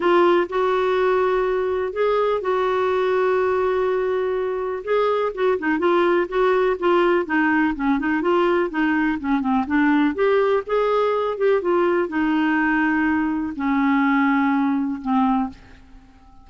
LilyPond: \new Staff \with { instrumentName = "clarinet" } { \time 4/4 \tempo 4 = 124 f'4 fis'2. | gis'4 fis'2.~ | fis'2 gis'4 fis'8 dis'8 | f'4 fis'4 f'4 dis'4 |
cis'8 dis'8 f'4 dis'4 cis'8 c'8 | d'4 g'4 gis'4. g'8 | f'4 dis'2. | cis'2. c'4 | }